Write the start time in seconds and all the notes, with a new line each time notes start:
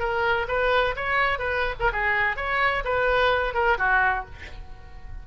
0.00 A#4
0.49 B4
0.96 C#5
1.39 B4
1.80 A#4
1.93 G#4
2.37 C#5
2.85 B4
3.55 A#4
3.78 F#4